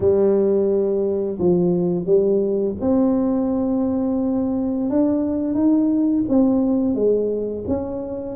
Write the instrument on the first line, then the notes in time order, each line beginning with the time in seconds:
tuba
0.00 G3
1.38 F3
2.05 G3
2.81 C4
4.90 D4
5.54 D#4
6.29 C4
6.94 G#3
7.67 C#4